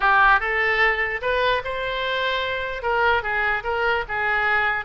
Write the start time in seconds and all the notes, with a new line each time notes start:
0.00 G4
0.39 A4
1.21 B4
1.64 C5
2.82 A#4
3.22 G#4
3.63 A#4
4.08 G#4